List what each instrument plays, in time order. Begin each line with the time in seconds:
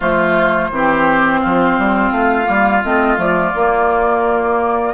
0.00 bassoon F3, clarinet A3, oboe F4, flute C5
0.70 bassoon E3, clarinet C4, oboe G4
1.40 bassoon F3, oboe F4
1.78 bassoon G3
2.11 bassoon A3, flute F5
2.44 bassoon G3, clarinet A#3
2.83 bassoon A3, clarinet C4, flute D#5
3.16 bassoon F3, clarinet A3, flute D5
3.54 clarinet A#3, bassoon A#3